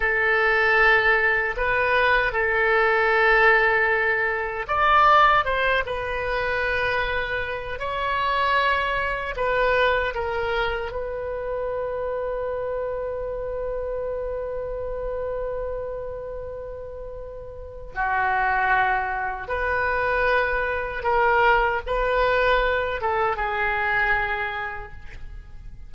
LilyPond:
\new Staff \with { instrumentName = "oboe" } { \time 4/4 \tempo 4 = 77 a'2 b'4 a'4~ | a'2 d''4 c''8 b'8~ | b'2 cis''2 | b'4 ais'4 b'2~ |
b'1~ | b'2. fis'4~ | fis'4 b'2 ais'4 | b'4. a'8 gis'2 | }